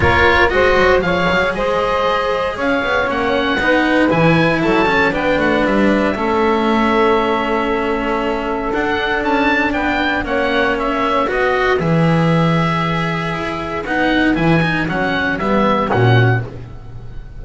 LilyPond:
<<
  \new Staff \with { instrumentName = "oboe" } { \time 4/4 \tempo 4 = 117 cis''4 dis''4 f''4 dis''4~ | dis''4 f''4 fis''2 | gis''4 a''4 g''8 fis''8 e''4~ | e''1~ |
e''4 fis''4 a''4 g''4 | fis''4 e''4 dis''4 e''4~ | e''2. fis''4 | gis''4 fis''4 e''4 fis''4 | }
  \new Staff \with { instrumentName = "saxophone" } { \time 4/4 ais'4 c''4 cis''4 c''4~ | c''4 cis''2 b'4~ | b'4 a'4 b'2 | a'1~ |
a'2. b'4 | cis''2 b'2~ | b'1~ | b'2. fis'4 | }
  \new Staff \with { instrumentName = "cello" } { \time 4/4 f'4 fis'4 gis'2~ | gis'2 cis'4 dis'4 | e'4. cis'8 d'2 | cis'1~ |
cis'4 d'2. | cis'2 fis'4 gis'4~ | gis'2. dis'4 | e'8 dis'8 cis'4 b4 cis'4 | }
  \new Staff \with { instrumentName = "double bass" } { \time 4/4 ais4 gis8 fis8 f8 fis8 gis4~ | gis4 cis'8 b8 ais4 b4 | e4 fis4 b8 a8 g4 | a1~ |
a4 d'4 cis'4 b4 | ais2 b4 e4~ | e2 e'4 b4 | e4 fis4 g4 ais,4 | }
>>